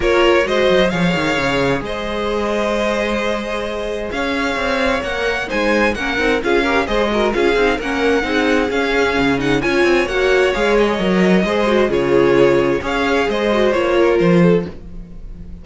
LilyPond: <<
  \new Staff \with { instrumentName = "violin" } { \time 4/4 \tempo 4 = 131 cis''4 dis''4 f''2 | dis''1~ | dis''4 f''2 fis''4 | gis''4 fis''4 f''4 dis''4 |
f''4 fis''2 f''4~ | f''8 fis''8 gis''4 fis''4 f''8 dis''8~ | dis''2 cis''2 | f''4 dis''4 cis''4 c''4 | }
  \new Staff \with { instrumentName = "violin" } { \time 4/4 ais'4 c''4 cis''2 | c''1~ | c''4 cis''2. | c''4 ais'4 gis'8 ais'8 c''8 ais'8 |
gis'4 ais'4 gis'2~ | gis'4 cis''2.~ | cis''4 c''4 gis'2 | cis''4 c''4. ais'4 a'8 | }
  \new Staff \with { instrumentName = "viola" } { \time 4/4 f'4 fis'4 gis'2~ | gis'1~ | gis'2. ais'4 | dis'4 cis'8 dis'8 f'8 g'8 gis'8 fis'8 |
f'8 dis'8 cis'4 dis'4 cis'4~ | cis'8 dis'8 f'4 fis'4 gis'4 | ais'4 gis'8 fis'8 f'2 | gis'4. fis'8 f'2 | }
  \new Staff \with { instrumentName = "cello" } { \time 4/4 ais4 gis8 fis8 f8 dis8 cis4 | gis1~ | gis4 cis'4 c'4 ais4 | gis4 ais8 c'8 cis'4 gis4 |
cis'8 c'8 ais4 c'4 cis'4 | cis4 cis'8 c'8 ais4 gis4 | fis4 gis4 cis2 | cis'4 gis4 ais4 f4 | }
>>